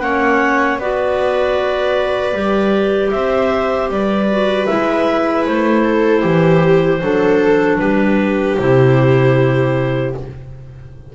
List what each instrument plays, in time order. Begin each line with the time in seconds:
0.00 double bass A#3, clarinet C#4 F#5, viola C#5
0.78 double bass B3, clarinet F#4 D5, viola B4
2.33 double bass G3, clarinet G4
3.11 double bass C4, viola C5, clarinet E5
3.89 double bass G3, viola B4, clarinet D5
4.31 clarinet F#4
4.66 double bass G#3, clarinet E4 E5
5.46 double bass A3, clarinet C5
5.83 viola A4
6.21 double bass E3, viola G4
7.01 double bass F#3, clarinet D4, viola A4
7.78 double bass G3, viola G4, clarinet B4
8.58 double bass C3, clarinet E4 C5